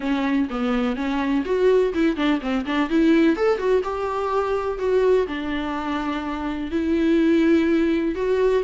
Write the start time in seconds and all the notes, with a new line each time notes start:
0.00 C#4
0.50 B3
0.96 C#4
1.45 F#4
1.94 E4
2.16 D4
2.41 C4
2.65 D4
2.89 E4
3.36 A4
3.58 F#4
3.83 G4
4.78 F#4
5.27 D4
6.71 E4
8.15 F#4